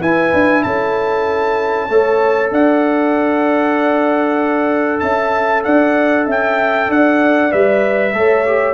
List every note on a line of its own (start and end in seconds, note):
0.00 0.33 E4
0.00 1.89 E4
0.00 0.62 B4
0.00 0.63 G#5
0.34 0.65 D4
0.63 1.89 C#4
0.63 1.90 A4
0.63 2.51 A5
1.89 2.51 A3
1.89 7.51 A4
1.89 2.52 C#5
2.51 5.01 D4
2.51 5.02 D5
2.51 5.00 F#5
5.00 5.65 C#4
5.00 5.64 E5
5.00 5.62 A5
5.64 6.27 D4
5.64 6.26 D5
5.64 6.27 F#5
6.26 6.89 C#4
6.26 6.88 E5
6.26 6.91 G5
6.89 7.52 D4
6.89 8.14 D5
6.89 7.52 F#5
7.51 8.14 G3
7.51 8.14 B4
7.51 8.74 E5
8.14 8.74 A3
8.14 8.46 A4
8.14 8.74 C#5
8.46 8.74 G4